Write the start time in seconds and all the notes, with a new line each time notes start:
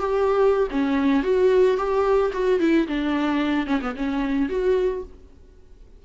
0.00 G4
0.71 C#4
1.23 F#4
1.77 G4
2.33 F#4
2.60 E4
2.88 D4
3.67 C#4
3.82 B3
3.96 C#4
4.50 F#4